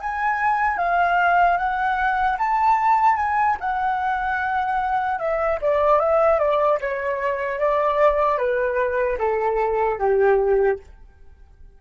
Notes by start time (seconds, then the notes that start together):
0.00 G#5
0.78 F5
1.58 F#5
2.38 A5
3.17 G#5
3.60 F#5
5.19 E5
5.62 D5
6.00 E5
6.39 D5
6.81 C#5
7.60 D5
8.38 B4
9.19 A4
9.99 G4